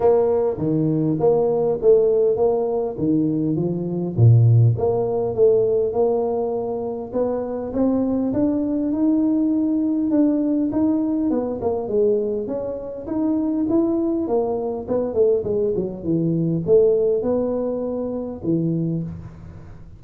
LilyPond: \new Staff \with { instrumentName = "tuba" } { \time 4/4 \tempo 4 = 101 ais4 dis4 ais4 a4 | ais4 dis4 f4 ais,4 | ais4 a4 ais2 | b4 c'4 d'4 dis'4~ |
dis'4 d'4 dis'4 b8 ais8 | gis4 cis'4 dis'4 e'4 | ais4 b8 a8 gis8 fis8 e4 | a4 b2 e4 | }